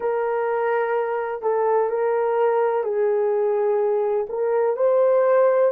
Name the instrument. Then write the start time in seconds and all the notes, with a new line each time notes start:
horn
0.00 A#4
1.42 A4
1.89 A#4
2.83 G#4
4.29 A#4
4.76 C5